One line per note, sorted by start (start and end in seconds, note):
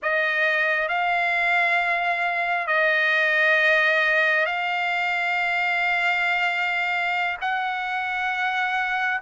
0.02 0.88 D#5
0.88 2.67 F5
2.67 4.46 D#5
4.46 7.37 F5
7.41 9.20 F#5